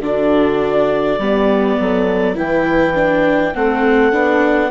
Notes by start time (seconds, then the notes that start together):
0.00 D3 D4 F#4 D5
1.18 G3 B3 G4
1.80 F#3 A4
2.35 E3 E4 B4 G5
2.95 D4
3.55 A3 C4 A4 F#5
4.12 B3 D4